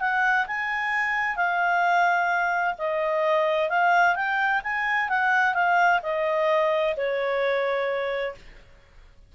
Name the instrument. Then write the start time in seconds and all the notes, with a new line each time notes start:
clarinet
0.00 F#5
0.47 G#5
1.36 F5
2.78 D#5
3.69 F5
4.15 G5
4.63 G#5
5.09 F#5
5.54 F5
6.02 D#5
6.96 C#5